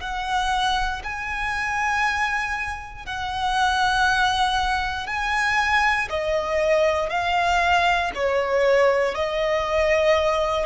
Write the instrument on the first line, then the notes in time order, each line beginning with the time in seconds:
violin
0.00 F#5
1.03 G#5
3.06 F#5
5.06 G#5
6.09 D#5
7.09 F5
8.14 C#5
9.14 D#5